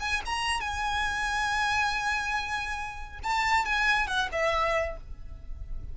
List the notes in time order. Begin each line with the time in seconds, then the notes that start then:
0.00 G#5
0.25 A#5
0.60 G#5
3.23 A5
3.65 G#5
4.07 F#5
4.32 E5